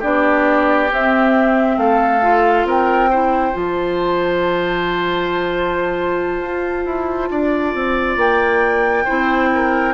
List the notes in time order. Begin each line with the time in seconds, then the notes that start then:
0.00 B3 D4 G4 D5
0.91 C4 E5
1.78 A3 A4 F5
2.22 F4
2.65 C4 A#4 G5
3.10 E4 C5
3.52 F3 F4 A5
6.41 F4
6.86 E4
7.31 D4 D5
7.75 C4
8.17 A#3 G5
9.05 C4 E4 C5
9.55 A#4